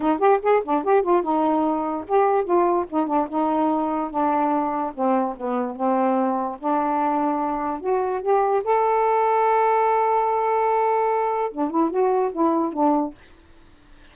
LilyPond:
\new Staff \with { instrumentName = "saxophone" } { \time 4/4 \tempo 4 = 146 dis'8 g'8 gis'8 d'8 g'8 f'8 dis'4~ | dis'4 g'4 f'4 dis'8 d'8 | dis'2 d'2 | c'4 b4 c'2 |
d'2. fis'4 | g'4 a'2.~ | a'1 | d'8 e'8 fis'4 e'4 d'4 | }